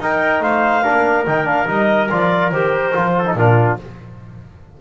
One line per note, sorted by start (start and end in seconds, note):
0.00 0.40 D#4
0.00 0.84 D#4
0.00 0.43 A#4
0.00 0.42 G5
0.40 0.82 A3
0.40 0.84 C5
0.40 1.26 F5
0.84 1.27 A#3
0.84 1.26 D4
0.84 3.15 A#4
1.26 1.68 D#3
1.26 1.45 D#4
1.26 1.47 G5
1.45 1.66 D4
1.45 1.68 F5
1.67 2.10 G3
1.67 2.09 D#4
1.67 2.10 D#5
2.11 2.52 F3
2.11 2.53 F4
2.11 2.52 D5
2.52 2.94 D#3
2.52 2.94 G4
2.52 3.35 C5
2.94 3.34 F3
2.94 3.25 F4
3.18 3.39 A4
3.26 3.37 D#4
3.34 3.76 A#2
3.34 3.79 D4
3.34 3.81 F4
3.34 3.77 A#4